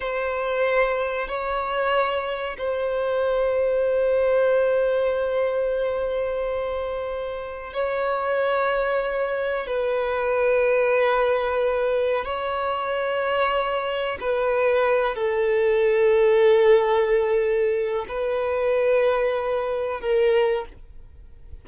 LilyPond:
\new Staff \with { instrumentName = "violin" } { \time 4/4 \tempo 4 = 93 c''2 cis''2 | c''1~ | c''1 | cis''2. b'4~ |
b'2. cis''4~ | cis''2 b'4. a'8~ | a'1 | b'2. ais'4 | }